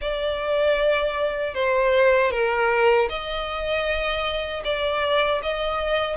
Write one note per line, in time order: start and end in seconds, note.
0.01 1.54 D5
1.54 2.31 C5
2.31 3.08 A#4
3.09 4.63 D#5
4.64 5.41 D5
5.42 6.16 D#5